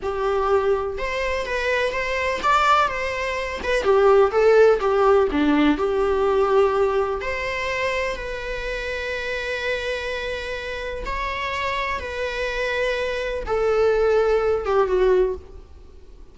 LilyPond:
\new Staff \with { instrumentName = "viola" } { \time 4/4 \tempo 4 = 125 g'2 c''4 b'4 | c''4 d''4 c''4. b'8 | g'4 a'4 g'4 d'4 | g'2. c''4~ |
c''4 b'2.~ | b'2. cis''4~ | cis''4 b'2. | a'2~ a'8 g'8 fis'4 | }